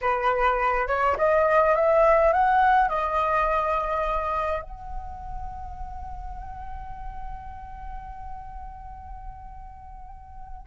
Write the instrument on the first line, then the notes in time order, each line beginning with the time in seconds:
flute
0.01 B4
0.87 C#5
1.17 D#5
1.75 E5
2.32 F#5
2.88 D#5
4.62 F#5